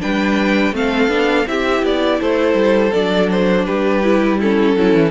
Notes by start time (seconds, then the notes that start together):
0.00 G3 D4 B4 G5
0.72 A3 C4 A4 F5
1.08 B3 D4
1.46 C4 E4 G4 E5
1.83 B3 D5
2.21 A3 A4 C5
2.54 G3
2.93 F#3 D4 D5
3.31 C5
3.65 G3 G4 B4
4.03 E4
4.39 C#4 E4 A4
4.76 F#3 C#4 E4
4.94 E3